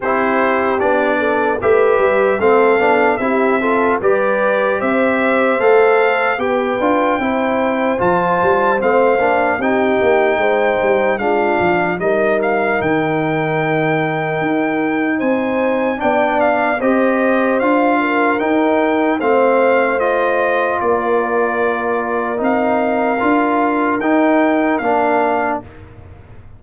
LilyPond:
<<
  \new Staff \with { instrumentName = "trumpet" } { \time 4/4 \tempo 4 = 75 c''4 d''4 e''4 f''4 | e''4 d''4 e''4 f''4 | g''2 a''4 f''4 | g''2 f''4 dis''8 f''8 |
g''2. gis''4 | g''8 f''8 dis''4 f''4 g''4 | f''4 dis''4 d''2 | f''2 g''4 f''4 | }
  \new Staff \with { instrumentName = "horn" } { \time 4/4 g'4. a'8 b'4 a'4 | g'8 a'8 b'4 c''2 | b'4 c''2. | g'4 c''4 f'4 ais'4~ |
ais'2. c''4 | d''4 c''4. ais'4. | c''2 ais'2~ | ais'1 | }
  \new Staff \with { instrumentName = "trombone" } { \time 4/4 e'4 d'4 g'4 c'8 d'8 | e'8 f'8 g'2 a'4 | g'8 f'8 e'4 f'4 c'8 d'8 | dis'2 d'4 dis'4~ |
dis'1 | d'4 g'4 f'4 dis'4 | c'4 f'2. | dis'4 f'4 dis'4 d'4 | }
  \new Staff \with { instrumentName = "tuba" } { \time 4/4 c'4 b4 a8 g8 a8 b8 | c'4 g4 c'4 a4 | b8 d'8 c'4 f8 g8 a8 ais8 | c'8 ais8 gis8 g8 gis8 f8 g4 |
dis2 dis'4 c'4 | b4 c'4 d'4 dis'4 | a2 ais2 | c'4 d'4 dis'4 ais4 | }
>>